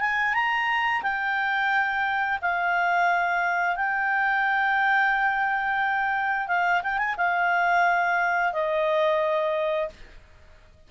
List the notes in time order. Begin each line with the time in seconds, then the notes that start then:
0.00 G#5
0.34 A#5
1.02 G5
2.42 F5
3.76 G5
6.47 F5
6.83 G5
6.98 G#5
7.17 F5
8.53 D#5